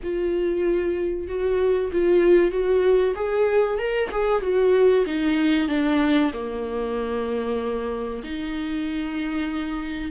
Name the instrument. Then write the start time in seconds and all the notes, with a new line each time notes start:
viola
0.03 F4
1.27 F#4
1.92 F4
2.51 F#4
3.15 G#4
3.78 A#4
4.11 G#4
4.42 F#4
5.06 D#4
5.68 D4
6.33 A#3
8.23 D#4